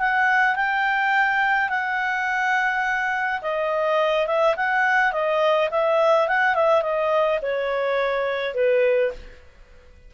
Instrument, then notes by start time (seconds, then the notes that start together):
clarinet
0.00 F#5
0.56 G5
1.70 F#5
3.42 D#5
4.27 E5
4.57 F#5
5.12 D#5
5.71 E5
6.28 F#5
6.55 E5
6.82 D#5
7.42 C#5
8.55 B4